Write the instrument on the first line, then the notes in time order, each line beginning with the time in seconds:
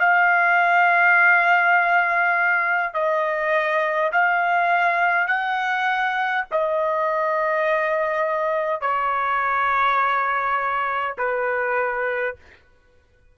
trumpet
0.00 F5
2.94 D#5
4.12 F5
5.28 F#5
6.51 D#5
8.81 C#5
11.18 B4